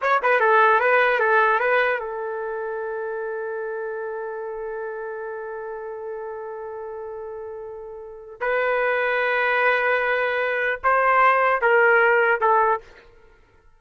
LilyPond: \new Staff \with { instrumentName = "trumpet" } { \time 4/4 \tempo 4 = 150 cis''8 b'8 a'4 b'4 a'4 | b'4 a'2.~ | a'1~ | a'1~ |
a'1~ | a'4 b'2.~ | b'2. c''4~ | c''4 ais'2 a'4 | }